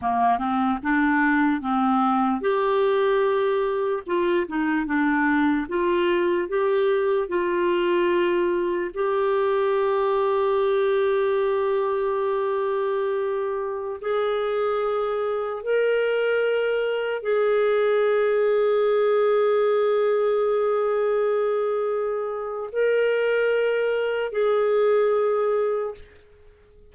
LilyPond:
\new Staff \with { instrumentName = "clarinet" } { \time 4/4 \tempo 4 = 74 ais8 c'8 d'4 c'4 g'4~ | g'4 f'8 dis'8 d'4 f'4 | g'4 f'2 g'4~ | g'1~ |
g'4~ g'16 gis'2 ais'8.~ | ais'4~ ais'16 gis'2~ gis'8.~ | gis'1 | ais'2 gis'2 | }